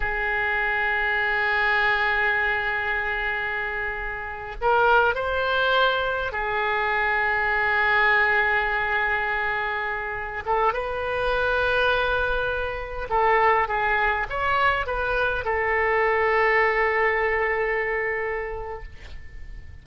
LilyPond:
\new Staff \with { instrumentName = "oboe" } { \time 4/4 \tempo 4 = 102 gis'1~ | gis'2.~ gis'8. ais'16~ | ais'8. c''2 gis'4~ gis'16~ | gis'1~ |
gis'4.~ gis'16 a'8 b'4.~ b'16~ | b'2~ b'16 a'4 gis'8.~ | gis'16 cis''4 b'4 a'4.~ a'16~ | a'1 | }